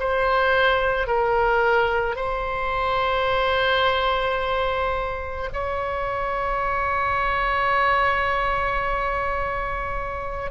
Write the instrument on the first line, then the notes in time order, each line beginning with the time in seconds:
oboe
0.00 C5
1.07 A#4
2.16 C5
5.54 C#5